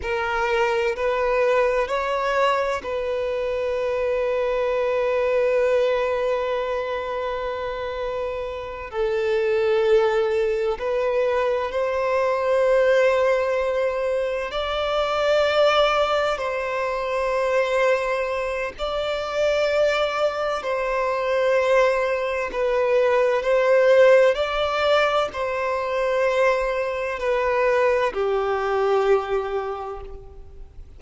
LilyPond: \new Staff \with { instrumentName = "violin" } { \time 4/4 \tempo 4 = 64 ais'4 b'4 cis''4 b'4~ | b'1~ | b'4. a'2 b'8~ | b'8 c''2. d''8~ |
d''4. c''2~ c''8 | d''2 c''2 | b'4 c''4 d''4 c''4~ | c''4 b'4 g'2 | }